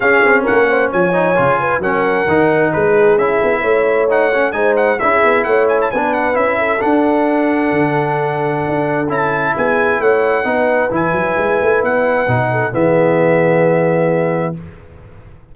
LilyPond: <<
  \new Staff \with { instrumentName = "trumpet" } { \time 4/4 \tempo 4 = 132 f''4 fis''4 gis''2 | fis''2 b'4 e''4~ | e''4 fis''4 gis''8 fis''8 e''4 | fis''8 gis''16 a''16 gis''8 fis''8 e''4 fis''4~ |
fis''1 | a''4 gis''4 fis''2 | gis''2 fis''2 | e''1 | }
  \new Staff \with { instrumentName = "horn" } { \time 4/4 gis'4 ais'8 c''8 cis''4. b'8 | ais'2 gis'2 | cis''2 c''4 gis'4 | cis''4 b'4. a'4.~ |
a'1~ | a'4 gis'4 cis''4 b'4~ | b'2.~ b'8 a'8 | gis'1 | }
  \new Staff \with { instrumentName = "trombone" } { \time 4/4 cis'2~ cis'8 dis'8 f'4 | cis'4 dis'2 e'4~ | e'4 dis'8 cis'8 dis'4 e'4~ | e'4 d'4 e'4 d'4~ |
d'1 | e'2. dis'4 | e'2. dis'4 | b1 | }
  \new Staff \with { instrumentName = "tuba" } { \time 4/4 cis'8 c'8 ais4 f4 cis4 | fis4 dis4 gis4 cis'8 b8 | a2 gis4 cis'8 b8 | a4 b4 cis'4 d'4~ |
d'4 d2 d'4 | cis'4 b4 a4 b4 | e8 fis8 gis8 a8 b4 b,4 | e1 | }
>>